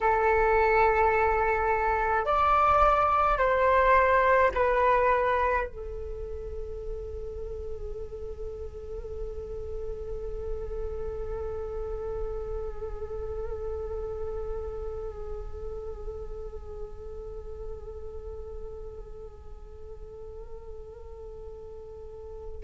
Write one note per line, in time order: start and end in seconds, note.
0.01 2.25 A4
2.25 3.38 D5
3.38 4.51 C5
4.54 5.67 B4
5.67 22.64 A4